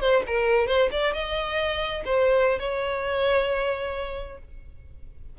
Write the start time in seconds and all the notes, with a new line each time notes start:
0.00 C5
0.26 A#4
0.67 C5
0.91 D5
1.13 D#5
2.05 C5
2.59 C#5